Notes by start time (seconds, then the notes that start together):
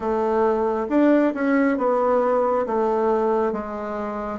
0.00 A3
0.89 D4
1.34 C#4
1.77 B3
2.66 A3
3.52 G#3